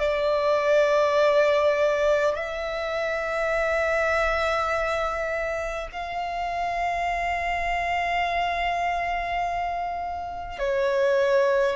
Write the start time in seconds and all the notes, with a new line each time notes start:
0.00 D5
2.35 E5
5.92 F5
10.59 C#5